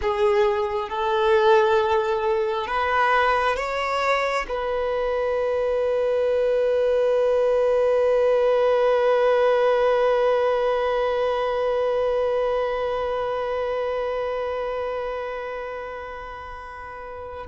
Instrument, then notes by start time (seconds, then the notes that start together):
violin
0.01 G#4
0.89 A4
2.67 B4
3.56 C#5
4.48 B4